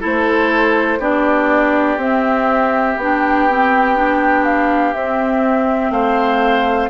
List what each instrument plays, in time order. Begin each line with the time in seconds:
0.00 bassoon A3, clarinet E4, oboe A4, flute C5
0.99 bassoon B3, clarinet D4, oboe G4, flute D5
1.97 bassoon C4, clarinet C4, flute E5
2.97 bassoon B3, clarinet D4, flute G5
3.49 clarinet C4
3.96 clarinet D4
4.44 flute F5
4.94 bassoon C4, clarinet C4, flute E5
5.90 bassoon A3, oboe C5, flute F5